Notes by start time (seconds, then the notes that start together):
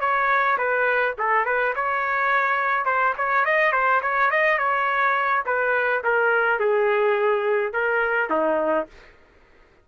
0.00 C#5
0.57 B4
1.18 A4
1.45 B4
1.75 C#5
2.85 C5
3.17 C#5
3.45 D#5
3.72 C5
4.02 C#5
4.30 D#5
4.58 C#5
5.45 B4
6.03 A#4
6.59 G#4
7.72 A#4
8.30 D#4